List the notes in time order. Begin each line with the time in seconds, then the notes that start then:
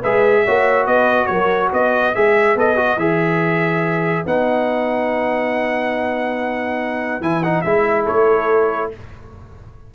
0.00 G#3 G#4 B4 E5
0.45 A#3 F#4 C#5
0.87 B3 B4 D#5
1.26 F#3 A#4 C#5
1.72 B3 B4 D#5
2.15 G#3 G#4 E5
2.55 B3 A4 D#5
2.76 F#4
2.96 E3 G#4 E5
4.26 B3 D#4 F#5
7.21 E3 E4 G#5
7.43 D#4 F#5
7.62 G#3 E4 E5
8.03 A4 C#5
8.10 A3